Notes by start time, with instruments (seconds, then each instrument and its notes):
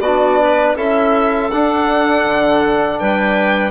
0.00 bassoon B3, trombone D4, clarinet F#4, violin D5
0.42 clarinet B4
0.76 bassoon C#4, trombone E4, clarinet A4, violin E5
1.51 trombone D4, bassoon D4, violin F#5
2.25 bassoon D3
2.99 bassoon G3, clarinet B4, violin G5